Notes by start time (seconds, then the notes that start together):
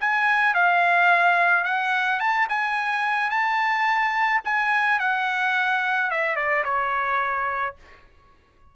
0.00 G#5
0.54 F5
1.64 F#5
2.20 A5
2.49 G#5
3.30 A5
4.44 G#5
4.99 F#5
6.10 E5
6.36 D5
6.64 C#5